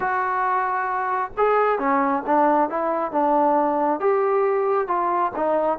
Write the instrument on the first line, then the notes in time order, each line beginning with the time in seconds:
trombone
0.00 F#4
1.37 G#4
1.78 C#4
2.26 D4
2.69 E4
3.11 D4
4.00 G4
4.87 F4
5.36 D#4